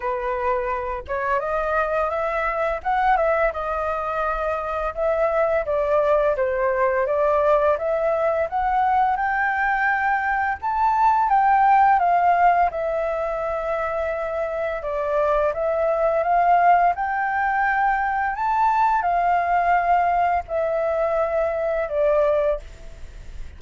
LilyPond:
\new Staff \with { instrumentName = "flute" } { \time 4/4 \tempo 4 = 85 b'4. cis''8 dis''4 e''4 | fis''8 e''8 dis''2 e''4 | d''4 c''4 d''4 e''4 | fis''4 g''2 a''4 |
g''4 f''4 e''2~ | e''4 d''4 e''4 f''4 | g''2 a''4 f''4~ | f''4 e''2 d''4 | }